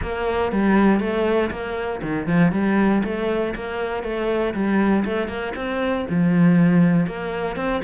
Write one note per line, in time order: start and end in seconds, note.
0.02 0.52 A#3
0.52 0.99 G3
0.99 1.50 A3
1.50 2.01 A#3
2.02 2.26 D#3
2.26 2.52 F3
2.52 3.02 G3
3.04 3.54 A3
3.55 4.03 A#3
4.03 4.53 A3
4.54 5.04 G3
5.05 5.28 A3
5.28 5.53 A#3
5.55 6.06 C4
6.09 7.06 F3
7.06 7.55 A#3
7.55 7.81 C4